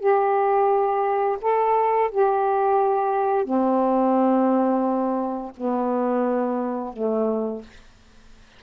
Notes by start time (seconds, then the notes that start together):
0.00 G4
1.42 A4
2.12 G4
3.45 C4
5.57 B3
6.93 A3